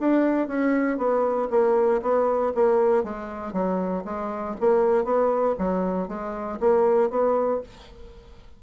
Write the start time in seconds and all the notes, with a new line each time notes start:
0.00 D4
0.48 C#4
0.98 B3
1.50 A#3
2.02 B3
2.55 A#3
3.04 G#3
3.53 F#3
4.05 G#3
4.60 A#3
5.04 B3
5.58 F#3
6.08 G#3
6.60 A#3
7.10 B3